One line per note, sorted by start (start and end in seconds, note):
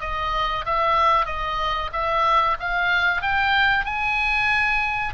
0.00 0.65 D#5
0.65 1.26 E5
1.26 1.90 D#5
1.92 2.57 E5
2.60 3.21 F5
3.21 3.85 G5
3.85 5.14 G#5